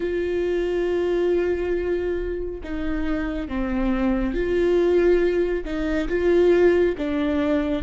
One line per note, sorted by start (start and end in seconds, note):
0.00 2.60 F4
2.63 3.48 D#4
3.48 4.34 C4
4.34 5.64 F4
5.64 6.08 D#4
6.08 6.95 F4
6.97 7.83 D4